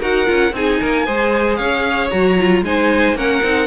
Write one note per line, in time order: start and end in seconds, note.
0.00 0.28 D#4
0.00 0.26 F#4
0.00 0.53 A#4
0.00 0.55 F#5
0.26 0.53 C#4
0.26 0.52 F4
0.53 0.79 C4
0.53 1.06 D#4
0.53 0.81 G#4
0.53 1.56 G#5
0.81 1.07 A#3
0.81 1.06 A#4
1.06 1.59 G#3
1.06 2.11 G#4
1.06 1.58 C5
1.56 2.12 C#4
1.56 2.64 C#5
1.56 2.09 F5
2.10 2.62 F#3
2.10 2.38 F#4
2.10 2.63 A#5
2.40 2.65 F4
2.62 3.14 G#3
2.62 3.16 D#4
2.62 3.17 C5
2.62 3.17 G#5
3.14 3.40 A#3
3.14 3.42 C#4
3.14 3.67 A#4
3.14 3.67 F#5
3.43 3.67 C4
3.43 3.67 D#4